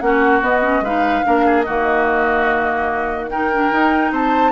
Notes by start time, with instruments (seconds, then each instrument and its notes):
0.00 bassoon A#3, clarinet C#4, oboe F#4, flute F#5
0.41 bassoon B3, clarinet B3, flute D#5
0.61 clarinet C#4
0.80 bassoon G#3, clarinet D#4, oboe B4, flute F5
1.24 bassoon A#3, clarinet D4, oboe A#4
1.45 oboe G#4
1.62 bassoon D#3, clarinet A#3, oboe F#4, flute D#5
3.30 clarinet D#4, oboe A#4, flute G5
3.53 clarinet D4
3.71 clarinet D#4, bassoon D#4
4.11 bassoon C4, oboe C5, flute A5